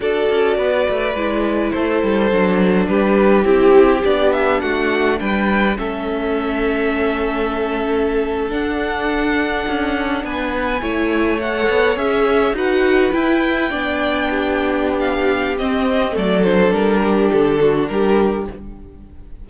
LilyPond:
<<
  \new Staff \with { instrumentName = "violin" } { \time 4/4 \tempo 4 = 104 d''2. c''4~ | c''4 b'4 g'4 d''8 e''8 | fis''4 g''4 e''2~ | e''2~ e''8. fis''4~ fis''16~ |
fis''4.~ fis''16 gis''2 fis''16~ | fis''8. e''4 fis''4 g''4~ g''16~ | g''2 f''4 dis''4 | d''8 c''8 ais'4 a'4 ais'4 | }
  \new Staff \with { instrumentName = "violin" } { \time 4/4 a'4 b'2 a'4~ | a'4 g'2. | fis'4 b'4 a'2~ | a'1~ |
a'4.~ a'16 b'4 cis''4~ cis''16~ | cis''4.~ cis''16 b'2 d''16~ | d''8. g'2.~ g'16 | a'4. g'4 fis'8 g'4 | }
  \new Staff \with { instrumentName = "viola" } { \time 4/4 fis'2 e'2 | d'2 e'4 d'4~ | d'2 cis'2~ | cis'2~ cis'8. d'4~ d'16~ |
d'2~ d'8. e'4 a'16~ | a'8. gis'4 fis'4 e'4 d'16~ | d'2. c'4 | a8 d'2.~ d'8 | }
  \new Staff \with { instrumentName = "cello" } { \time 4/4 d'8 cis'8 b8 a8 gis4 a8 g8 | fis4 g4 c'4 b4 | a4 g4 a2~ | a2~ a8. d'4~ d'16~ |
d'8. cis'4 b4 a4~ a16~ | a16 b8 cis'4 dis'4 e'4 b16~ | b2. c'4 | fis4 g4 d4 g4 | }
>>